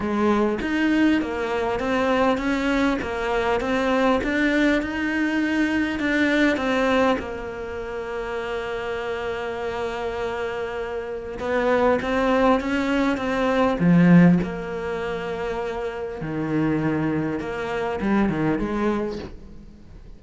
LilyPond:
\new Staff \with { instrumentName = "cello" } { \time 4/4 \tempo 4 = 100 gis4 dis'4 ais4 c'4 | cis'4 ais4 c'4 d'4 | dis'2 d'4 c'4 | ais1~ |
ais2. b4 | c'4 cis'4 c'4 f4 | ais2. dis4~ | dis4 ais4 g8 dis8 gis4 | }